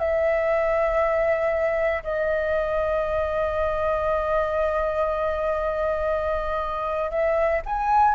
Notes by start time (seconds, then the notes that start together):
0.00 E5
2.04 D#5
7.11 E5
7.66 G#5